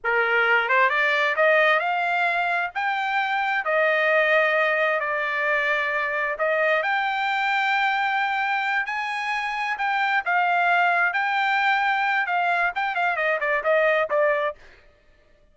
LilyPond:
\new Staff \with { instrumentName = "trumpet" } { \time 4/4 \tempo 4 = 132 ais'4. c''8 d''4 dis''4 | f''2 g''2 | dis''2. d''4~ | d''2 dis''4 g''4~ |
g''2.~ g''8 gis''8~ | gis''4. g''4 f''4.~ | f''8 g''2~ g''8 f''4 | g''8 f''8 dis''8 d''8 dis''4 d''4 | }